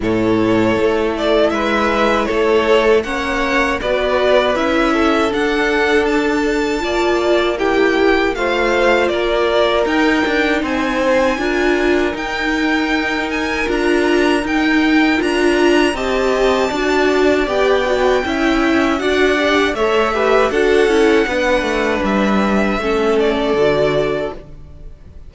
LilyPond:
<<
  \new Staff \with { instrumentName = "violin" } { \time 4/4 \tempo 4 = 79 cis''4. d''8 e''4 cis''4 | fis''4 d''4 e''4 fis''4 | a''2 g''4 f''4 | d''4 g''4 gis''2 |
g''4. gis''8 ais''4 g''4 | ais''4 a''2 g''4~ | g''4 fis''4 e''4 fis''4~ | fis''4 e''4. d''4. | }
  \new Staff \with { instrumentName = "violin" } { \time 4/4 a'2 b'4 a'4 | cis''4 b'4. a'4.~ | a'4 d''4 g'4 c''4 | ais'2 c''4 ais'4~ |
ais'1~ | ais'4 dis''4 d''2 | e''4 d''4 cis''8 b'8 a'4 | b'2 a'2 | }
  \new Staff \with { instrumentName = "viola" } { \time 4/4 e'1 | cis'4 fis'4 e'4 d'4~ | d'4 f'4 e'4 f'4~ | f'4 dis'2 f'4 |
dis'2 f'4 dis'4 | f'4 g'4 fis'4 g'8 fis'8 | e'4 fis'8 g'8 a'8 g'8 fis'8 e'8 | d'2 cis'4 fis'4 | }
  \new Staff \with { instrumentName = "cello" } { \time 4/4 a,4 a4 gis4 a4 | ais4 b4 cis'4 d'4~ | d'4 ais2 a4 | ais4 dis'8 d'8 c'4 d'4 |
dis'2 d'4 dis'4 | d'4 c'4 d'4 b4 | cis'4 d'4 a4 d'8 cis'8 | b8 a8 g4 a4 d4 | }
>>